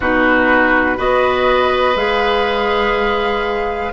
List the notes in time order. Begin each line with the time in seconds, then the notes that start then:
0.00 B2 D#4 F#4 B4
0.96 B3 F#4 B4 D#5
1.95 G#3 G#4 F5